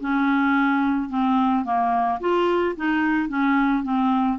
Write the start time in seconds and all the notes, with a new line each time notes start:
0.00 C#4
1.09 C4
1.64 A#3
2.20 F4
2.76 D#4
3.28 C#4
3.83 C4